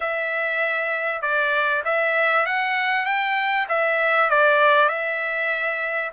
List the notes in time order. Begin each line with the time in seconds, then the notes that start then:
0.00 E5
1.21 D5
1.84 E5
2.46 F#5
3.05 G5
3.68 E5
4.30 D5
4.88 E5